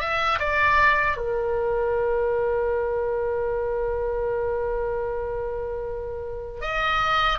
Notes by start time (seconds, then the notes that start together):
0.00 E5
0.39 D5
1.17 A#4
6.61 D#5